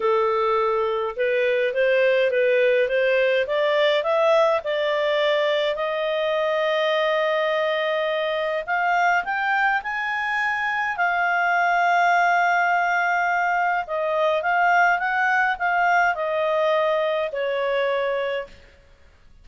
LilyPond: \new Staff \with { instrumentName = "clarinet" } { \time 4/4 \tempo 4 = 104 a'2 b'4 c''4 | b'4 c''4 d''4 e''4 | d''2 dis''2~ | dis''2. f''4 |
g''4 gis''2 f''4~ | f''1 | dis''4 f''4 fis''4 f''4 | dis''2 cis''2 | }